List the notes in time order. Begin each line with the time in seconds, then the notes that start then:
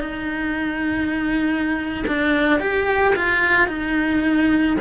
0.00 D#4
2.08 D4
2.60 G4
3.16 F4
3.68 D#4